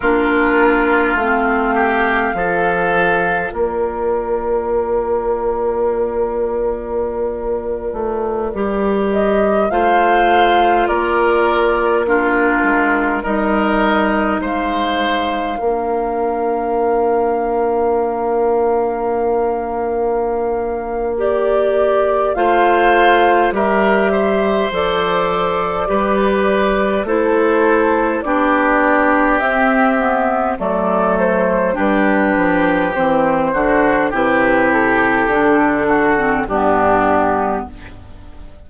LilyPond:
<<
  \new Staff \with { instrumentName = "flute" } { \time 4/4 \tempo 4 = 51 ais'4 f''2 d''4~ | d''2.~ d''8. dis''16~ | dis''16 f''4 d''4 ais'4 dis''8.~ | dis''16 f''2.~ f''8.~ |
f''2 d''4 f''4 | e''4 d''2 c''4 | d''4 e''4 d''8 c''8 b'4 | c''4 b'8 a'4. g'4 | }
  \new Staff \with { instrumentName = "oboe" } { \time 4/4 f'4. g'8 a'4 ais'4~ | ais'1~ | ais'16 c''4 ais'4 f'4 ais'8.~ | ais'16 c''4 ais'2~ ais'8.~ |
ais'2. c''4 | ais'8 c''4. b'4 a'4 | g'2 a'4 g'4~ | g'8 fis'8 g'4. fis'8 d'4 | }
  \new Staff \with { instrumentName = "clarinet" } { \time 4/4 d'4 c'4 f'2~ | f'2.~ f'16 g'8.~ | g'16 f'2 d'4 dis'8.~ | dis'4~ dis'16 d'2~ d'8.~ |
d'2 g'4 f'4 | g'4 a'4 g'4 e'4 | d'4 c'8 b8 a4 d'4 | c'8 d'8 e'4 d'8. c'16 b4 | }
  \new Staff \with { instrumentName = "bassoon" } { \time 4/4 ais4 a4 f4 ais4~ | ais2~ ais8. a8 g8.~ | g16 a4 ais4. gis8 g8.~ | g16 gis4 ais2~ ais8.~ |
ais2. a4 | g4 f4 g4 a4 | b4 c'4 fis4 g8 f8 | e8 d8 c4 d4 g,4 | }
>>